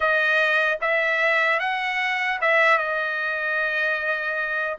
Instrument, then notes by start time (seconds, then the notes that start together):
trumpet
0.00 D#5
0.81 E5
1.59 F#5
2.41 E5
2.77 D#5